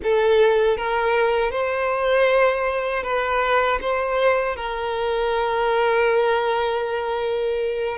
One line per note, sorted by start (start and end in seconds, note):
0.03 0.77 A4
0.77 1.51 A#4
1.51 3.03 C5
3.03 3.79 B4
3.81 4.56 C5
4.56 7.97 A#4